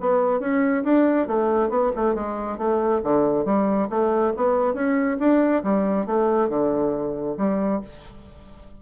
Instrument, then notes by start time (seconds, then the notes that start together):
bassoon
0.00 B3
0.40 C#4
0.84 D4
1.27 A3
1.69 B3
1.95 A3
2.14 G#3
2.58 A3
3.03 D3
3.44 G3
3.89 A3
4.36 B3
4.74 C#4
5.19 D4
5.63 G3
6.06 A3
6.49 D3
7.37 G3